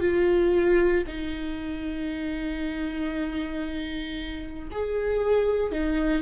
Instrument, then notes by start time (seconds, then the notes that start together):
viola
0.00 F4
1.07 D#4
4.71 G#4
5.72 D#4